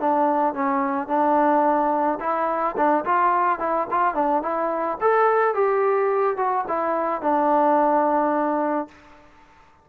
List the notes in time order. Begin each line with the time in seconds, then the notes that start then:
0.00 D4
0.54 C#4
1.08 D4
2.20 E4
2.77 D4
3.05 F4
3.59 E4
3.91 F4
4.14 D4
4.42 E4
5.01 A4
5.54 G4
6.37 F#4
6.68 E4
7.21 D4